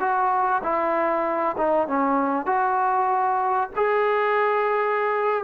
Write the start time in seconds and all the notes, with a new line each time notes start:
0.00 F#4
0.63 E4
1.57 D#4
1.87 C#4
2.46 F#4
3.76 G#4